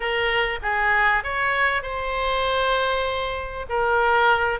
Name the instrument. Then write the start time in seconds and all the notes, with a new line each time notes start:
oboe
0.00 A#4
0.62 G#4
1.23 C#5
1.82 C5
3.69 A#4